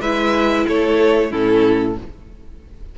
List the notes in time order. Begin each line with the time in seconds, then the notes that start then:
0.00 G#3 E4 B4 E5
0.67 A3 A4 C#5
1.30 A2 C#4 E4 A4